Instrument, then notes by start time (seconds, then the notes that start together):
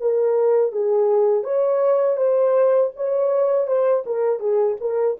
horn
0.00 A#4
0.72 G#4
1.43 C#5
2.16 C5
2.96 C#5
3.67 C5
4.06 A#4
4.40 G#4
4.80 A#4